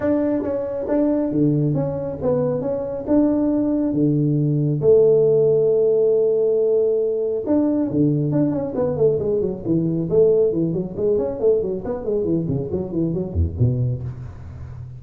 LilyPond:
\new Staff \with { instrumentName = "tuba" } { \time 4/4 \tempo 4 = 137 d'4 cis'4 d'4 d4 | cis'4 b4 cis'4 d'4~ | d'4 d2 a4~ | a1~ |
a4 d'4 d4 d'8 cis'8 | b8 a8 gis8 fis8 e4 a4 | e8 fis8 gis8 cis'8 a8 fis8 b8 gis8 | e8 cis8 fis8 e8 fis8 e,8 b,4 | }